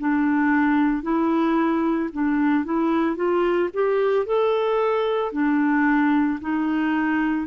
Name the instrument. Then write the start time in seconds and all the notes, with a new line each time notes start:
clarinet
0.00 D4
1.03 E4
2.13 D4
2.65 E4
3.17 F4
3.74 G4
4.27 A4
5.33 D4
6.41 D#4